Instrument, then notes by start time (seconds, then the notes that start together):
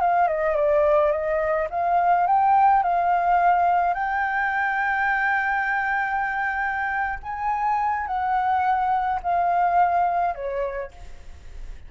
flute
0.00 F5
0.28 D#5
0.56 D5
1.11 D#5
1.70 F5
2.26 G5
2.83 F5
3.94 G5
7.23 G#5
8.07 F#5
9.23 F5
10.35 C#5